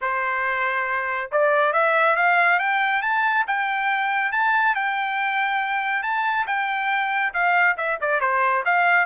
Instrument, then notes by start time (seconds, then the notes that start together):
trumpet
0.01 C5
1.31 D5
1.73 E5
2.15 F5
2.59 G5
3.02 A5
3.47 G5
4.32 A5
4.75 G5
6.03 A5
6.46 G5
7.33 F5
7.77 E5
8.01 D5
8.20 C5
8.65 F5